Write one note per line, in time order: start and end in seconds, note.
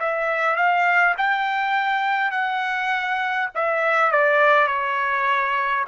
0.00 0.57 E5
0.57 1.16 F5
1.18 2.32 G5
2.32 3.49 F#5
3.55 4.12 E5
4.12 4.67 D5
4.67 5.85 C#5